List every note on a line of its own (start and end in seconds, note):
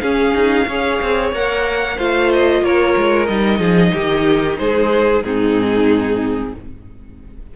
0.00 0.35 C#4
0.00 0.68 C#4
0.00 0.67 G#4
0.00 1.30 F5
0.35 0.68 D#4
0.68 1.01 C#4
0.68 1.34 G#4
0.68 1.97 C#5
1.02 1.33 C4
1.33 1.98 A#3
1.33 1.99 A#4
1.33 2.00 F#5
1.97 2.62 A3
1.97 3.28 F4
1.97 2.62 C5
1.97 2.32 F5
2.33 2.65 D#5
2.62 2.95 A#3
2.62 3.59 A#4
2.62 3.27 C#5
2.98 3.29 G#3
3.27 3.60 G3
3.27 5.23 D#4
3.27 4.57 D#5
3.59 3.92 F3
3.59 3.92 G#4
3.93 4.60 D#3
3.93 4.59 G4
4.58 5.24 G#3
4.58 5.26 G#4
4.58 5.24 C5
5.24 6.54 G#2
5.24 6.55 C4
5.24 6.57 D#4
5.24 6.54 G#4